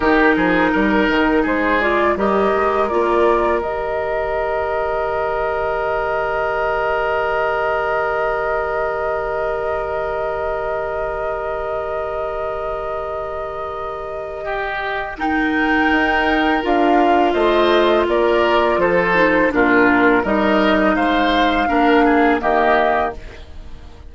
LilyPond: <<
  \new Staff \with { instrumentName = "flute" } { \time 4/4 \tempo 4 = 83 ais'2 c''8 d''8 dis''4 | d''4 dis''2.~ | dis''1~ | dis''1~ |
dis''1~ | dis''4 g''2 f''4 | dis''4 d''4 c''4 ais'4 | dis''4 f''2 dis''4 | }
  \new Staff \with { instrumentName = "oboe" } { \time 4/4 g'8 gis'8 ais'4 gis'4 ais'4~ | ais'1~ | ais'1~ | ais'1~ |
ais'1 | g'4 ais'2. | c''4 ais'4 a'4 f'4 | ais'4 c''4 ais'8 gis'8 g'4 | }
  \new Staff \with { instrumentName = "clarinet" } { \time 4/4 dis'2~ dis'8 f'8 g'4 | f'4 g'2.~ | g'1~ | g'1~ |
g'1~ | g'4 dis'2 f'4~ | f'2~ f'8 dis'8 d'4 | dis'2 d'4 ais4 | }
  \new Staff \with { instrumentName = "bassoon" } { \time 4/4 dis8 f8 g8 dis8 gis4 g8 gis8 | ais4 dis2.~ | dis1~ | dis1~ |
dis1~ | dis2 dis'4 d'4 | a4 ais4 f4 ais,4 | g4 gis4 ais4 dis4 | }
>>